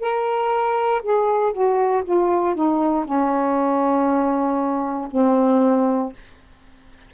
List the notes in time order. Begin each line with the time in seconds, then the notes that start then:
0.00 A#4
1.03 G#4
1.53 F#4
2.04 F4
2.56 D#4
3.05 C#4
5.11 C4